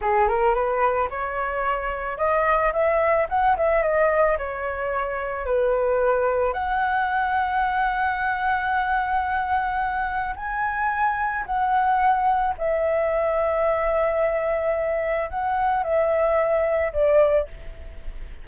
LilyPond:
\new Staff \with { instrumentName = "flute" } { \time 4/4 \tempo 4 = 110 gis'8 ais'8 b'4 cis''2 | dis''4 e''4 fis''8 e''8 dis''4 | cis''2 b'2 | fis''1~ |
fis''2. gis''4~ | gis''4 fis''2 e''4~ | e''1 | fis''4 e''2 d''4 | }